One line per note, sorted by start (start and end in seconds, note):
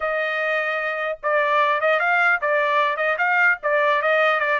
0.00 1.18 D#5
1.22 1.80 D5
1.80 1.99 D#5
1.99 2.39 F5
2.41 2.96 D5
2.96 3.16 D#5
3.17 3.57 F5
3.63 4.02 D5
4.02 4.39 D#5
4.39 4.59 D5